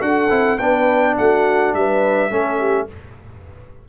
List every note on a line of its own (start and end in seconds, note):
0.00 0.30 D4
0.00 0.29 F#4
0.00 0.60 A4
0.00 0.59 F#5
0.30 0.59 C4
0.30 0.59 E4
0.59 1.17 B3
0.59 2.31 D4
0.59 1.17 B4
0.59 1.16 G5
1.18 1.75 A3
1.18 1.77 F#4
1.18 1.75 F#5
1.75 2.31 G3
1.75 2.31 B4
1.75 2.89 E5
2.31 2.88 A3
2.31 2.88 C#4
2.31 2.59 A4
2.59 2.88 G4